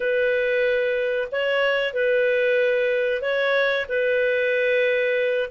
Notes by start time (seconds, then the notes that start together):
0.00 B4
1.31 C#5
1.93 B4
3.21 C#5
3.89 B4